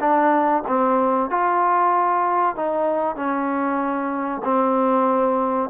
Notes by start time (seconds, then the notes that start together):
0.00 D4
0.67 C4
1.30 F4
2.56 D#4
3.16 C#4
4.44 C4